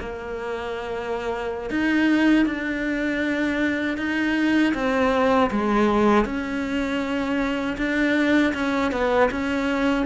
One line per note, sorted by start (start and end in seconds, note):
0.00 1.71 A#3
1.71 2.46 D#4
2.46 3.98 D4
3.98 4.74 D#4
4.75 5.51 C4
5.51 6.25 G#3
6.25 7.77 C#4
7.78 8.54 D4
8.54 8.92 C#4
8.92 9.30 B3
9.31 10.06 C#4